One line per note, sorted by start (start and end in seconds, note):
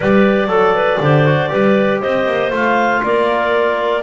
0.00 0.47 G3
0.00 0.48 G4
0.00 0.49 B4
0.00 2.01 D5
0.47 0.98 F#3
0.47 0.98 A4
0.47 0.74 A4
0.74 1.00 B4
1.00 1.50 D3
1.00 1.25 G4
1.00 1.50 C5
1.25 1.48 F#4
1.48 2.03 G3
1.48 2.49 G4
1.48 2.00 B4
2.00 2.26 C4
2.00 3.01 C5
2.00 2.51 D#5
2.26 2.50 A#3
2.50 3.00 A3
2.50 4.01 F4
2.50 3.03 F5
3.02 4.02 A#3
3.02 4.02 A#4
3.02 4.02 D5